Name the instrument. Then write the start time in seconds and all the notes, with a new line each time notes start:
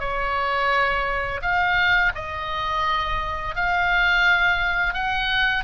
oboe
0.00 C#5
1.42 F5
2.15 D#5
3.56 F5
4.94 F#5